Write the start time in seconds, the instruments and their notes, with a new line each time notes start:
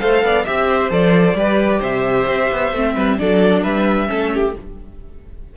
0.00 cello A3, viola A4, violin C5 F5
0.23 cello B3, violin D5
0.44 cello C4, viola G4, violin E5
0.69 violin C5
0.91 cello F3, viola A4, violin D5
1.34 cello G3, viola G4, violin B4
1.80 cello C3, violin C5 E5
2.28 cello C4
2.52 cello B3
2.72 cello A3, viola C4
2.95 cello G3, violin B4
3.19 cello F#3, viola D4, violin A4 D5
3.63 cello G3, violin B4 E5
4.07 cello A3, viola C#4, violin A4
4.34 violin G4